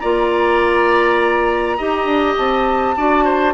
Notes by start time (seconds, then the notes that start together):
0.00 A#3 F4 D5 A#5
1.77 D#4 G4 D#5
2.05 D4
2.37 C4 A5
2.97 D4 F#4 D5
3.25 C5